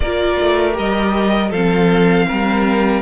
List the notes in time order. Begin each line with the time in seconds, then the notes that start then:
0.00 A#3 F4 A#4 D5
0.40 A3
0.72 G4
0.78 G3 D#5
1.50 F3 C4 A4 F5
2.27 G3 A#4